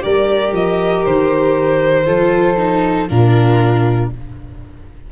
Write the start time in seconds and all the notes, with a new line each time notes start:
0.00 G3 G4 A#4 D5
0.52 F3 D#5
1.05 D#3 C5
2.06 F3 F4 A4
2.57 D#4
3.08 A#2 D4 F4 A#4